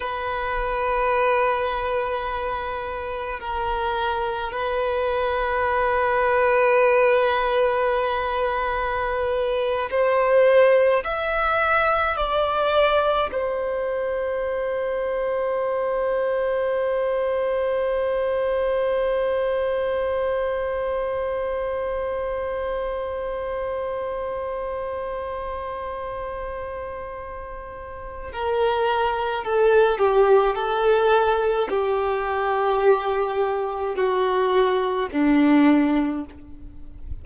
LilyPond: \new Staff \with { instrumentName = "violin" } { \time 4/4 \tempo 4 = 53 b'2. ais'4 | b'1~ | b'8. c''4 e''4 d''4 c''16~ | c''1~ |
c''1~ | c''1~ | c''4 ais'4 a'8 g'8 a'4 | g'2 fis'4 d'4 | }